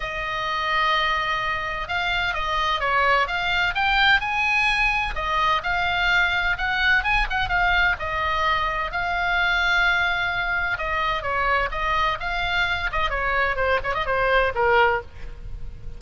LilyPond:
\new Staff \with { instrumentName = "oboe" } { \time 4/4 \tempo 4 = 128 dis''1 | f''4 dis''4 cis''4 f''4 | g''4 gis''2 dis''4 | f''2 fis''4 gis''8 fis''8 |
f''4 dis''2 f''4~ | f''2. dis''4 | cis''4 dis''4 f''4. dis''8 | cis''4 c''8 cis''16 dis''16 c''4 ais'4 | }